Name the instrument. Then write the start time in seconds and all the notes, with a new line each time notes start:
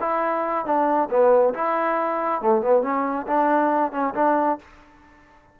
trombone
0.00 E4
0.65 D4
1.10 B3
1.54 E4
2.41 A3
2.61 B3
2.82 C#4
3.26 D4
3.91 C#4
4.14 D4